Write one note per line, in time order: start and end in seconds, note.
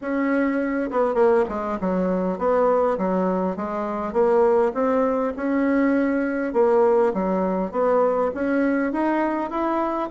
0.01 0.90 C#4
0.90 1.14 B3
1.14 1.44 A#3
1.49 1.78 G#3
1.80 2.38 F#3
2.38 2.97 B3
2.98 3.56 F#3
3.56 4.12 G#3
4.12 4.72 A#3
4.74 5.33 C4
5.36 6.53 C#4
6.53 7.12 A#3
7.13 7.71 F#3
7.71 8.31 B3
8.34 8.92 C#4
8.92 9.50 D#4
9.50 10.09 E4